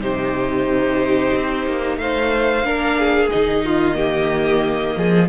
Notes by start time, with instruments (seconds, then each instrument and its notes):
0.00 cello C3, viola D#4, violin G4 C5
1.35 cello C4
1.66 cello A#3
1.98 cello A3, violin C5 F5
2.63 cello A#3, viola D4, violin A#4
2.99 violin G#4
3.30 cello D#3, viola D#4, violin D#5
3.65 violin F4
3.95 viola A#3, violin G4
4.97 cello F3, violin G#4